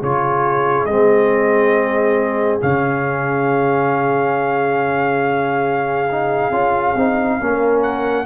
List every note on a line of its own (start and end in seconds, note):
0.00 0.86 C#3
0.00 0.89 F4
0.00 7.39 G#4
0.00 0.85 C#5
0.85 2.60 G#3
0.85 2.61 C4
0.85 2.59 D#5
2.61 6.51 C#3
2.61 6.09 C#4
2.61 7.82 F5
6.11 6.52 D#4
6.51 6.94 C#4
6.51 6.95 F4
6.96 7.39 C4
6.96 7.40 D#4
7.40 8.25 A#3
7.40 8.25 C#4
7.40 8.25 A#4
7.82 8.25 F#5